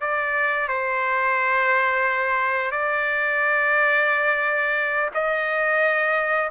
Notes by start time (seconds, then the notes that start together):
0.00 D5
0.68 C5
2.71 D5
5.14 D#5